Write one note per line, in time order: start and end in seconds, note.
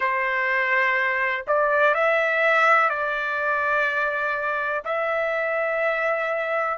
0.00 1.45 C5
1.47 1.94 D5
1.94 2.89 E5
2.89 4.83 D5
4.84 6.77 E5